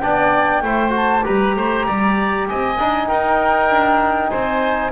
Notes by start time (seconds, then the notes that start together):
0.00 B3 D4 D5 G5
0.62 A3 E4 C5
0.90 F#4 A5
1.22 G3 G4 B4 A#5
1.56 A3 C5
1.86 G3 D5
2.47 C4 D#5 G#5
2.78 D4 D#4
3.08 D#4 A#4 G5
3.69 D4
4.29 C4 C5 G#5